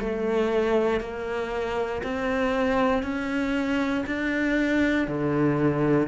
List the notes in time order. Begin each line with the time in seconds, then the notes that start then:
0.00 A3
1.01 A#3
2.03 C4
3.03 C#4
4.07 D4
5.08 D3